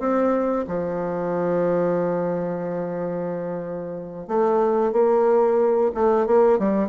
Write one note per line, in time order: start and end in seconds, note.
0.00 0.66 C4
0.68 4.28 F3
4.28 4.93 A3
4.93 5.92 A#3
5.95 6.27 A3
6.27 6.59 A#3
6.59 6.89 G3